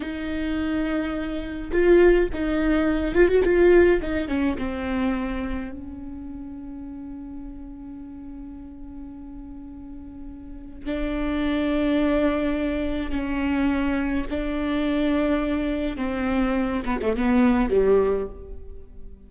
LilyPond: \new Staff \with { instrumentName = "viola" } { \time 4/4 \tempo 4 = 105 dis'2. f'4 | dis'4. f'16 fis'16 f'4 dis'8 cis'8 | c'2 cis'2~ | cis'1~ |
cis'2. d'4~ | d'2. cis'4~ | cis'4 d'2. | c'4. b16 a16 b4 g4 | }